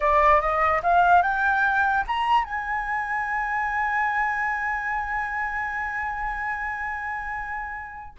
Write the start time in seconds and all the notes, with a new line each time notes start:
0.00 D5
0.40 D#5
0.82 F5
1.22 G5
2.07 A#5
2.44 G#5